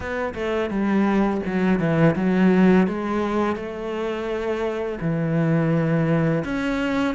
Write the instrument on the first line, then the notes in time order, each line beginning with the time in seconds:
cello
0.00 B3
0.34 A3
0.69 G3
1.45 F#3
1.79 E3
2.15 F#3
2.87 G#3
3.56 A3
5.01 E3
6.44 C#4